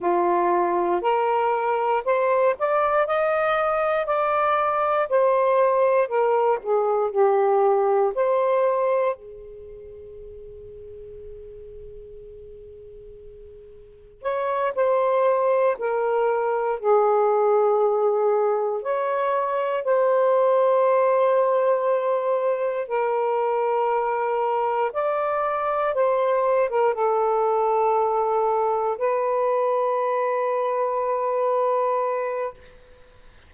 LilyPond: \new Staff \with { instrumentName = "saxophone" } { \time 4/4 \tempo 4 = 59 f'4 ais'4 c''8 d''8 dis''4 | d''4 c''4 ais'8 gis'8 g'4 | c''4 gis'2.~ | gis'2 cis''8 c''4 ais'8~ |
ais'8 gis'2 cis''4 c''8~ | c''2~ c''8 ais'4.~ | ais'8 d''4 c''8. ais'16 a'4.~ | a'8 b'2.~ b'8 | }